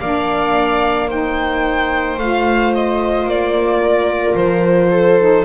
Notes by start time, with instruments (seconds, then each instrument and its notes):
0.00 double bass A#3, saxophone D4, viola D5, violin F5
1.07 saxophone D#4, viola C5, violin G5
2.17 double bass A3, saxophone F4, violin F5
2.74 violin D#5
3.25 double bass A#3, violin D5
3.82 viola A#4
4.34 double bass F3, violin C5
4.91 viola A4
5.19 saxophone D#4